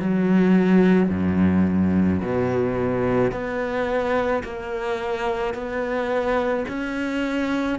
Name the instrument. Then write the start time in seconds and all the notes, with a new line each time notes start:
cello
0.00 F#3
1.10 F#2
2.22 B2
3.32 B3
4.44 A#3
5.55 B3
6.68 C#4